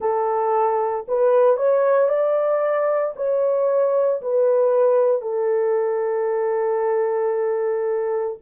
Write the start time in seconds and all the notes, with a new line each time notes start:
0.00 A4
1.08 B4
1.56 C#5
2.08 D5
3.16 C#5
4.21 B4
5.21 A4